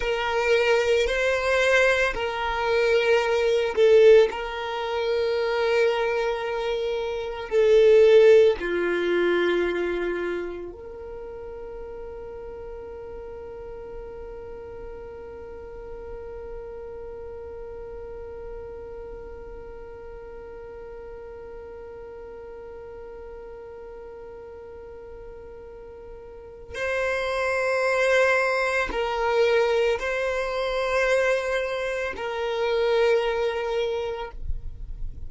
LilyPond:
\new Staff \with { instrumentName = "violin" } { \time 4/4 \tempo 4 = 56 ais'4 c''4 ais'4. a'8 | ais'2. a'4 | f'2 ais'2~ | ais'1~ |
ais'1~ | ais'1~ | ais'4 c''2 ais'4 | c''2 ais'2 | }